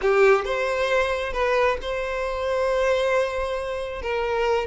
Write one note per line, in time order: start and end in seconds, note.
0.01 0.44 G4
0.44 1.33 C5
1.33 1.77 B4
1.81 4.02 C5
4.02 4.66 A#4